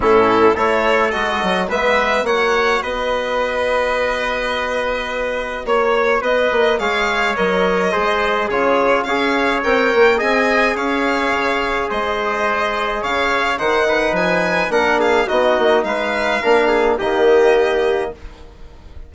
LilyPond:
<<
  \new Staff \with { instrumentName = "violin" } { \time 4/4 \tempo 4 = 106 a'4 cis''4 dis''4 e''4 | fis''4 dis''2.~ | dis''2 cis''4 dis''4 | f''4 dis''2 cis''4 |
f''4 g''4 gis''4 f''4~ | f''4 dis''2 f''4 | fis''4 gis''4 fis''8 f''8 dis''4 | f''2 dis''2 | }
  \new Staff \with { instrumentName = "trumpet" } { \time 4/4 e'4 a'2 b'4 | cis''4 b'2.~ | b'2 cis''4 b'4 | cis''2 c''4 gis'4 |
cis''2 dis''4 cis''4~ | cis''4 c''2 cis''4 | c''8 b'4. ais'8 gis'8 fis'4 | b'4 ais'8 gis'8 g'2 | }
  \new Staff \with { instrumentName = "trombone" } { \time 4/4 cis'4 e'4 fis'4 b4 | fis'1~ | fis'1 | gis'4 ais'4 gis'4 f'4 |
gis'4 ais'4 gis'2~ | gis'1 | dis'2 d'4 dis'4~ | dis'4 d'4 ais2 | }
  \new Staff \with { instrumentName = "bassoon" } { \time 4/4 a,4 a4 gis8 fis8 gis4 | ais4 b2.~ | b2 ais4 b8 ais8 | gis4 fis4 gis4 cis4 |
cis'4 c'8 ais8 c'4 cis'4 | cis4 gis2 cis4 | dis4 f4 ais4 b8 ais8 | gis4 ais4 dis2 | }
>>